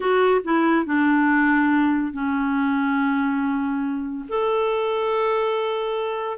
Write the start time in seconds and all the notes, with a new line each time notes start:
0.00 F#4
0.44 E4
0.85 D4
2.12 C#4
4.29 A4